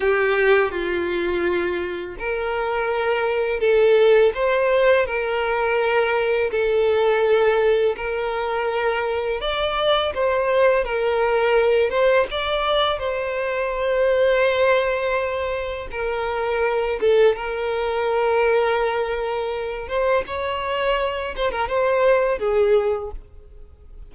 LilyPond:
\new Staff \with { instrumentName = "violin" } { \time 4/4 \tempo 4 = 83 g'4 f'2 ais'4~ | ais'4 a'4 c''4 ais'4~ | ais'4 a'2 ais'4~ | ais'4 d''4 c''4 ais'4~ |
ais'8 c''8 d''4 c''2~ | c''2 ais'4. a'8 | ais'2.~ ais'8 c''8 | cis''4. c''16 ais'16 c''4 gis'4 | }